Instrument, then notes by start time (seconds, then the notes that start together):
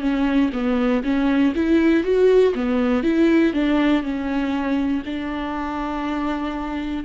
viola
0.00 C#4
0.52 B3
1.04 C#4
1.55 E4
2.03 F#4
2.54 B3
3.03 E4
3.53 D4
4.03 C#4
5.05 D4